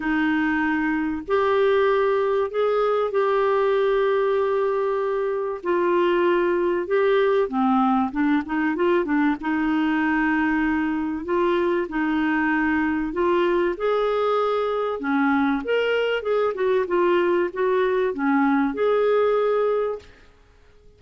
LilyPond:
\new Staff \with { instrumentName = "clarinet" } { \time 4/4 \tempo 4 = 96 dis'2 g'2 | gis'4 g'2.~ | g'4 f'2 g'4 | c'4 d'8 dis'8 f'8 d'8 dis'4~ |
dis'2 f'4 dis'4~ | dis'4 f'4 gis'2 | cis'4 ais'4 gis'8 fis'8 f'4 | fis'4 cis'4 gis'2 | }